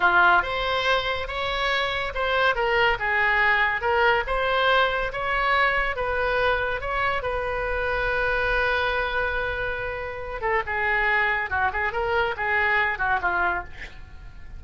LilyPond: \new Staff \with { instrumentName = "oboe" } { \time 4/4 \tempo 4 = 141 f'4 c''2 cis''4~ | cis''4 c''4 ais'4 gis'4~ | gis'4 ais'4 c''2 | cis''2 b'2 |
cis''4 b'2.~ | b'1~ | b'8 a'8 gis'2 fis'8 gis'8 | ais'4 gis'4. fis'8 f'4 | }